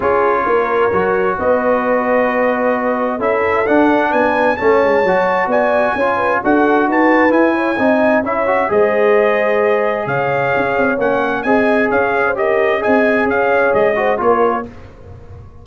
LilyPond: <<
  \new Staff \with { instrumentName = "trumpet" } { \time 4/4 \tempo 4 = 131 cis''2. dis''4~ | dis''2. e''4 | fis''4 gis''4 a''2 | gis''2 fis''4 a''4 |
gis''2 e''4 dis''4~ | dis''2 f''2 | fis''4 gis''4 f''4 dis''4 | gis''4 f''4 dis''4 cis''4 | }
  \new Staff \with { instrumentName = "horn" } { \time 4/4 gis'4 ais'2 b'4~ | b'2. a'4~ | a'4 b'4 cis''2 | d''4 cis''8 b'8 a'4 b'4~ |
b'8 cis''8 dis''4 cis''4 c''4~ | c''2 cis''2~ | cis''4 dis''4 cis''8. c''16 ais'4 | dis''4 cis''4. c''8 ais'4 | }
  \new Staff \with { instrumentName = "trombone" } { \time 4/4 f'2 fis'2~ | fis'2. e'4 | d'2 cis'4 fis'4~ | fis'4 f'4 fis'2 |
e'4 dis'4 e'8 fis'8 gis'4~ | gis'1 | cis'4 gis'2 g'4 | gis'2~ gis'8 fis'8 f'4 | }
  \new Staff \with { instrumentName = "tuba" } { \time 4/4 cis'4 ais4 fis4 b4~ | b2. cis'4 | d'4 b4 a8 gis8 fis4 | b4 cis'4 d'4 dis'4 |
e'4 c'4 cis'4 gis4~ | gis2 cis4 cis'8 c'8 | ais4 c'4 cis'2 | c'4 cis'4 gis4 ais4 | }
>>